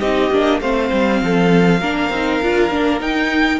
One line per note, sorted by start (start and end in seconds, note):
0.00 0.31 C4
0.00 0.31 D#4
0.00 0.60 G4
0.00 0.60 D#5
0.31 0.61 A#3
0.31 0.62 D4
0.61 0.91 A3
0.61 1.82 C4
0.61 1.21 C5
0.61 3.01 F5
0.92 1.22 G3
1.23 1.81 F3
1.23 1.80 A4
1.80 2.10 A#3
1.80 2.12 D4
1.80 3.60 A#4
2.10 2.40 C4
2.10 2.43 D#4
2.42 2.71 D4
2.42 2.71 F4
2.71 3.01 A#3
2.71 3.00 D4
3.00 3.60 D#4
3.00 3.60 G5